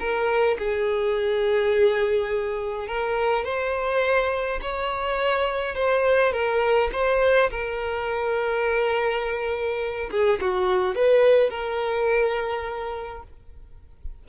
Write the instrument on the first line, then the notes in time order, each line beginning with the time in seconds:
violin
0.00 A#4
0.59 G#4
2.88 A#4
3.45 C5
4.62 C#5
5.75 C5
6.33 A#4
6.93 C5
7.51 A#4
10.11 G#4
10.41 F#4
10.96 B4
11.50 A#4